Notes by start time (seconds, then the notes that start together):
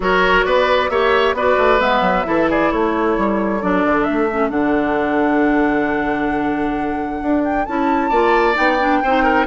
0.00 F#3 F#4 A#4 C#5
0.44 B3 B4 D5
0.89 A#3 G4 C#5 E5
1.33 B3 F#4 B4 D5
1.58 A3
1.79 G#3 B3 E5
2.00 F#3
2.24 E3 E4 A4
2.50 G#4 D5
2.71 A3 A4 C#5
3.17 G3
3.61 F#3 D4 D5
3.85 D3
4.03 A3 E5
4.31 C#4
4.49 D3 D4 F#5
7.22 D4
7.44 G5
7.65 C#4 E4 A5
8.09 A#3 F4 D5
8.54 B3 D#4 G5
8.80 D4
9.03 C4 D#4 C5
9.23 A#4